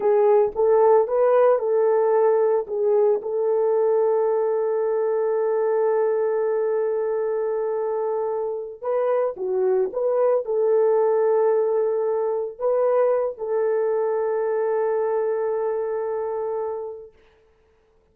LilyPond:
\new Staff \with { instrumentName = "horn" } { \time 4/4 \tempo 4 = 112 gis'4 a'4 b'4 a'4~ | a'4 gis'4 a'2~ | a'1~ | a'1~ |
a'8 b'4 fis'4 b'4 a'8~ | a'2.~ a'8 b'8~ | b'4 a'2.~ | a'1 | }